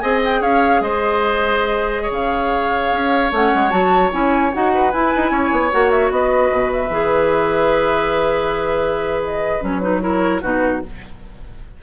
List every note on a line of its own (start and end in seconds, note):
0.00 0.41 C4
0.00 3.32 G#4
0.00 0.41 D#5
0.00 0.20 G#5
0.25 0.43 G5
0.41 0.81 C#4
0.41 0.81 C#5
0.41 0.82 F5
0.81 2.10 G#3
0.81 2.02 C5
0.81 2.12 D#5
2.02 4.72 C#5
2.10 2.90 C#3
2.10 3.33 F5
2.92 3.32 C#4
3.32 3.52 A3
3.32 3.70 C#4
3.32 3.70 F#5
3.55 3.72 G#3
3.70 4.12 F#3
3.70 4.10 F#4
3.70 4.10 A5
4.12 4.53 C#4
4.12 4.52 E4
4.12 4.53 G#5
4.53 4.94 D#4
4.53 4.93 F#4
4.53 4.92 F#5
4.74 5.32 B4
4.92 5.71 E4
4.92 5.14 E4
4.92 5.72 G#5
5.16 5.30 D#4
5.30 5.50 C#4
5.30 6.12 C#5
5.52 5.72 B3
5.71 6.11 A#3
5.71 6.91 F#4
5.71 5.91 F#5
5.91 6.11 E5
6.11 6.51 B3
6.11 10.03 B4
6.11 6.71 D#5
6.51 6.89 B2
6.72 9.22 E5
6.89 9.59 E3
6.89 9.61 G#4
9.24 9.64 D#5
9.61 10.42 F#3
9.61 9.81 C#4
9.61 9.81 C#5
9.81 10.01 D#4
9.81 10.01 B4
10.01 10.41 E4
10.01 10.42 A#4
10.01 10.42 C#5
10.42 10.82 B2
10.42 10.82 D#4
10.42 10.82 F#4
10.42 10.82 B4